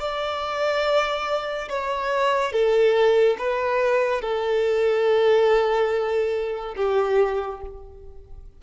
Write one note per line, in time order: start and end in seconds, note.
0.00 1.69 D5
1.69 2.52 C#5
2.52 3.37 A4
3.38 4.22 B4
4.22 6.75 A4
6.76 7.61 G4